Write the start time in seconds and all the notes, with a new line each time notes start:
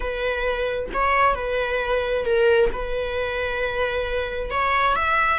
0.00 B4
0.93 C#5
1.35 B4
2.25 A#4
2.72 B4
4.50 C#5
4.95 E5